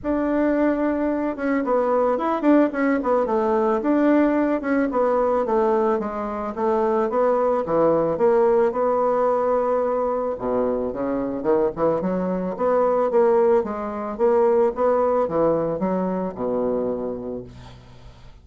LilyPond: \new Staff \with { instrumentName = "bassoon" } { \time 4/4 \tempo 4 = 110 d'2~ d'8 cis'8 b4 | e'8 d'8 cis'8 b8 a4 d'4~ | d'8 cis'8 b4 a4 gis4 | a4 b4 e4 ais4 |
b2. b,4 | cis4 dis8 e8 fis4 b4 | ais4 gis4 ais4 b4 | e4 fis4 b,2 | }